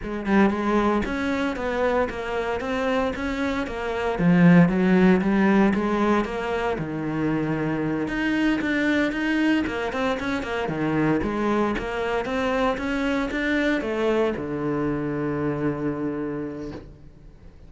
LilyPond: \new Staff \with { instrumentName = "cello" } { \time 4/4 \tempo 4 = 115 gis8 g8 gis4 cis'4 b4 | ais4 c'4 cis'4 ais4 | f4 fis4 g4 gis4 | ais4 dis2~ dis8 dis'8~ |
dis'8 d'4 dis'4 ais8 c'8 cis'8 | ais8 dis4 gis4 ais4 c'8~ | c'8 cis'4 d'4 a4 d8~ | d1 | }